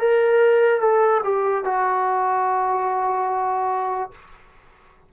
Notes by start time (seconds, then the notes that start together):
0.00 A#4
0.81 A4
1.24 G4
1.65 F#4